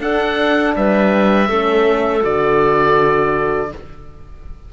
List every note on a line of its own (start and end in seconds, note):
0.00 0.74 D4
0.00 1.49 D4
0.00 0.75 A4
0.00 0.75 F#5
0.75 1.49 G3
0.75 1.49 B4
0.75 2.24 E5
1.49 2.23 A3
1.49 2.22 C#4
1.49 3.71 A4
2.22 3.72 D3
2.22 3.70 F#4
2.22 3.72 D5